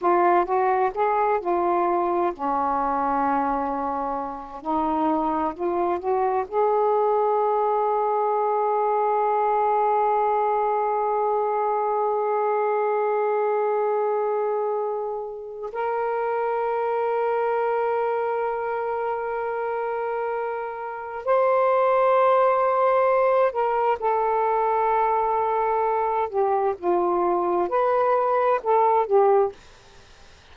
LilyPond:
\new Staff \with { instrumentName = "saxophone" } { \time 4/4 \tempo 4 = 65 f'8 fis'8 gis'8 f'4 cis'4.~ | cis'4 dis'4 f'8 fis'8 gis'4~ | gis'1~ | gis'1~ |
gis'4 ais'2.~ | ais'2. c''4~ | c''4. ais'8 a'2~ | a'8 g'8 f'4 b'4 a'8 g'8 | }